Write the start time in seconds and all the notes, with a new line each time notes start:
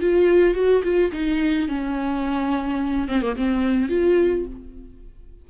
0.00 F4
0.55 F#4
0.84 F4
1.12 D#4
1.68 C#4
3.08 C4
3.22 A#3
3.36 C4
3.89 F4